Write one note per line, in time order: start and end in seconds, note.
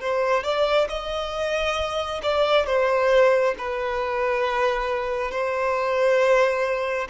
0.00 0.43 C5
0.43 0.87 D5
0.88 2.21 D#5
2.23 2.66 D5
2.66 3.55 C5
3.57 5.31 B4
5.31 7.07 C5